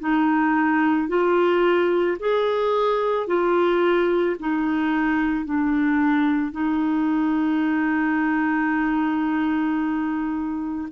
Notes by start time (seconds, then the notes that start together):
0.00 D#4
1.08 F4
2.19 G#4
3.27 F4
4.40 D#4
5.45 D4
6.52 D#4